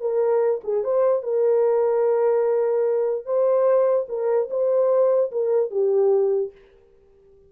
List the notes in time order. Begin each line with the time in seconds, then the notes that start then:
0.00 A#4
0.63 G#4
0.83 C5
1.23 A#4
3.25 C5
4.08 A#4
4.50 C5
5.31 A#4
5.71 G4